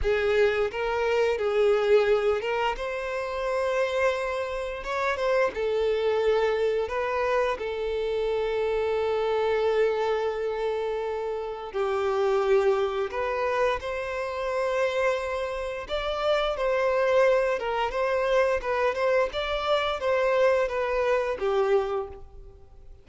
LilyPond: \new Staff \with { instrumentName = "violin" } { \time 4/4 \tempo 4 = 87 gis'4 ais'4 gis'4. ais'8 | c''2. cis''8 c''8 | a'2 b'4 a'4~ | a'1~ |
a'4 g'2 b'4 | c''2. d''4 | c''4. ais'8 c''4 b'8 c''8 | d''4 c''4 b'4 g'4 | }